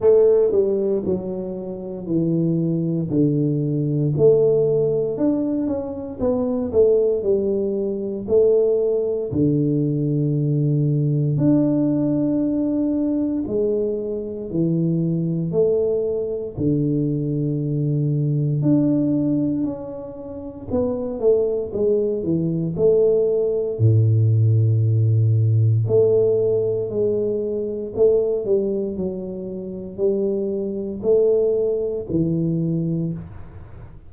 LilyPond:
\new Staff \with { instrumentName = "tuba" } { \time 4/4 \tempo 4 = 58 a8 g8 fis4 e4 d4 | a4 d'8 cis'8 b8 a8 g4 | a4 d2 d'4~ | d'4 gis4 e4 a4 |
d2 d'4 cis'4 | b8 a8 gis8 e8 a4 a,4~ | a,4 a4 gis4 a8 g8 | fis4 g4 a4 e4 | }